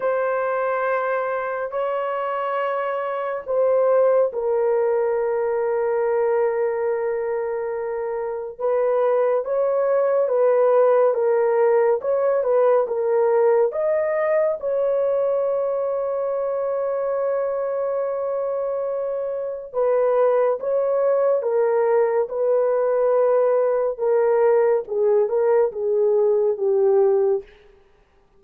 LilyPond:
\new Staff \with { instrumentName = "horn" } { \time 4/4 \tempo 4 = 70 c''2 cis''2 | c''4 ais'2.~ | ais'2 b'4 cis''4 | b'4 ais'4 cis''8 b'8 ais'4 |
dis''4 cis''2.~ | cis''2. b'4 | cis''4 ais'4 b'2 | ais'4 gis'8 ais'8 gis'4 g'4 | }